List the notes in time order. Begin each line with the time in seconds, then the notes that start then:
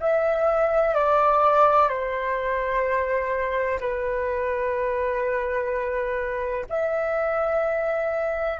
0.00 E5
0.94 D5
1.89 C5
3.80 B4
6.69 E5